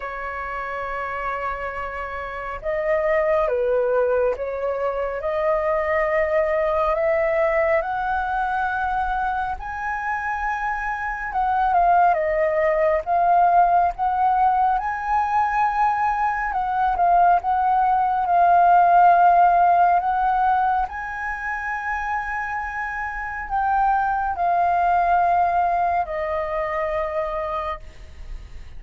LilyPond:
\new Staff \with { instrumentName = "flute" } { \time 4/4 \tempo 4 = 69 cis''2. dis''4 | b'4 cis''4 dis''2 | e''4 fis''2 gis''4~ | gis''4 fis''8 f''8 dis''4 f''4 |
fis''4 gis''2 fis''8 f''8 | fis''4 f''2 fis''4 | gis''2. g''4 | f''2 dis''2 | }